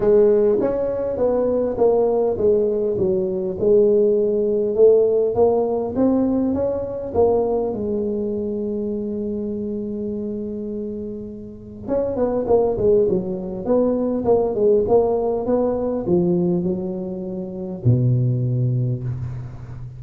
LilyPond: \new Staff \with { instrumentName = "tuba" } { \time 4/4 \tempo 4 = 101 gis4 cis'4 b4 ais4 | gis4 fis4 gis2 | a4 ais4 c'4 cis'4 | ais4 gis2.~ |
gis1 | cis'8 b8 ais8 gis8 fis4 b4 | ais8 gis8 ais4 b4 f4 | fis2 b,2 | }